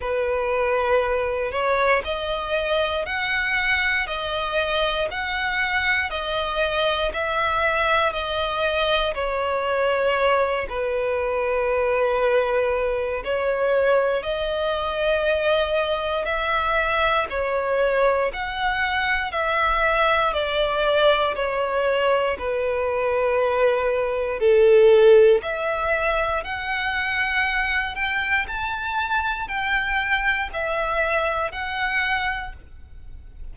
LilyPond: \new Staff \with { instrumentName = "violin" } { \time 4/4 \tempo 4 = 59 b'4. cis''8 dis''4 fis''4 | dis''4 fis''4 dis''4 e''4 | dis''4 cis''4. b'4.~ | b'4 cis''4 dis''2 |
e''4 cis''4 fis''4 e''4 | d''4 cis''4 b'2 | a'4 e''4 fis''4. g''8 | a''4 g''4 e''4 fis''4 | }